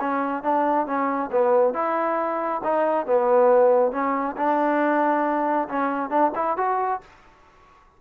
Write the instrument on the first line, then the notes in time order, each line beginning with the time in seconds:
trombone
0.00 C#4
0.43 D4
0.86 C#4
1.32 B3
1.74 E4
2.64 D#4
3.06 B3
3.92 C#4
4.37 D4
5.69 C#4
6.10 D4
6.35 E4
6.57 F#4